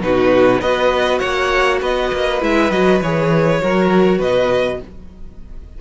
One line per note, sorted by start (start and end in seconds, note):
0.00 0.60 B2
0.00 0.61 D#4
0.00 0.61 F#4
0.00 0.61 B4
0.60 1.20 B3
0.60 2.40 F#4
0.60 1.19 B4
0.60 1.18 D#5
1.18 1.81 A#3
1.18 1.79 C#5
1.18 1.78 F#5
1.81 2.11 B3
1.81 3.61 B4
1.81 2.42 D#5
2.12 2.42 A#3
2.40 2.70 G#3
2.40 2.70 E4
2.40 2.71 E5
2.70 3.00 F#3
2.70 3.02 F#4
2.70 3.01 D#5
3.01 3.61 E3
3.01 3.61 G#4
3.01 4.21 C#5
3.61 4.19 F#3
3.61 4.81 F#4
3.61 4.18 A#4
4.18 4.79 B2
4.18 4.78 B4
4.18 4.81 D#5